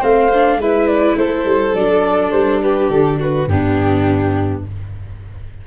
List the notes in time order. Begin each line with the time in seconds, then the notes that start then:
0.00 A3 C4 C5 F5
0.34 D4
0.57 G#3 E4 B4 E5
0.87 D5
1.17 A3 A4 C5
1.45 G3
1.75 F#3 D4 D5
2.32 G3 C5
2.62 G4 B4
2.90 D3 A4
3.20 F#4 B4
3.47 G2 B3 D4 G4